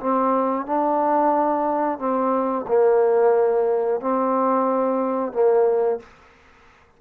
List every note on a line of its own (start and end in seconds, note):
0.00 0.66 C4
0.66 1.99 D4
1.99 2.65 C4
2.68 4.01 A#3
4.01 5.33 C4
5.33 6.00 A#3